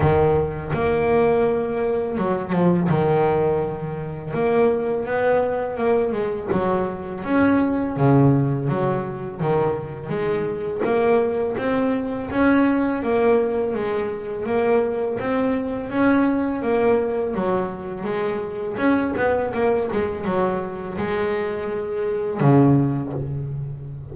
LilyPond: \new Staff \with { instrumentName = "double bass" } { \time 4/4 \tempo 4 = 83 dis4 ais2 fis8 f8 | dis2 ais4 b4 | ais8 gis8 fis4 cis'4 cis4 | fis4 dis4 gis4 ais4 |
c'4 cis'4 ais4 gis4 | ais4 c'4 cis'4 ais4 | fis4 gis4 cis'8 b8 ais8 gis8 | fis4 gis2 cis4 | }